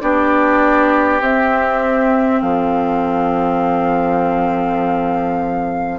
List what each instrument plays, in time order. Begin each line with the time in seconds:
0.00 bassoon B3, clarinet D4, oboe G4, flute D5
1.20 bassoon C4, clarinet C4, flute E5
2.41 bassoon F3, oboe A4, flute F5